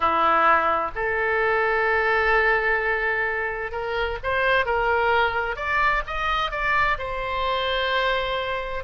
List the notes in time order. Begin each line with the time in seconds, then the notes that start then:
0.00 E4
0.95 A4
3.71 A#4
4.23 C5
4.65 A#4
5.56 D5
6.06 D#5
6.51 D5
6.98 C5